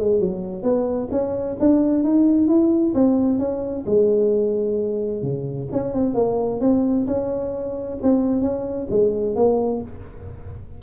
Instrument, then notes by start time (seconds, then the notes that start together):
tuba
0.00 G#3
0.21 F#3
0.63 B3
1.11 C#4
1.60 D4
2.04 D#4
2.48 E4
2.95 C4
3.39 C#4
3.87 G#3
5.23 C#3
5.73 C#4
5.94 C4
6.15 A#3
6.61 C4
7.07 C#4
8.03 C4
8.42 C#4
8.91 G#3
9.36 A#3